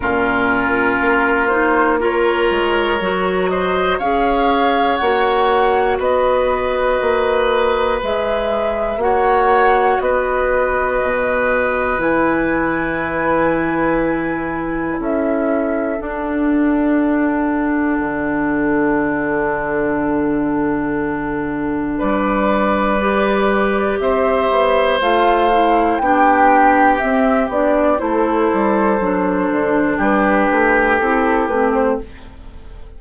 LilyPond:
<<
  \new Staff \with { instrumentName = "flute" } { \time 4/4 \tempo 4 = 60 ais'4. c''8 cis''4. dis''8 | f''4 fis''4 dis''2 | e''4 fis''4 dis''2 | gis''2. e''4 |
fis''1~ | fis''2 d''2 | e''4 f''4 g''4 e''8 d''8 | c''2 b'4 a'8 b'16 c''16 | }
  \new Staff \with { instrumentName = "oboe" } { \time 4/4 f'2 ais'4. c''8 | cis''2 b'2~ | b'4 cis''4 b'2~ | b'2. a'4~ |
a'1~ | a'2 b'2 | c''2 g'2 | a'2 g'2 | }
  \new Staff \with { instrumentName = "clarinet" } { \time 4/4 cis'4. dis'8 f'4 fis'4 | gis'4 fis'2. | gis'4 fis'2. | e'1 |
d'1~ | d'2. g'4~ | g'4 f'8 e'8 d'4 c'8 d'8 | e'4 d'2 e'8 c'8 | }
  \new Staff \with { instrumentName = "bassoon" } { \time 4/4 ais,4 ais4. gis8 fis4 | cis'4 ais4 b4 ais4 | gis4 ais4 b4 b,4 | e2. cis'4 |
d'2 d2~ | d2 g2 | c'8 b8 a4 b4 c'8 b8 | a8 g8 fis8 d8 g8 a8 c'8 a8 | }
>>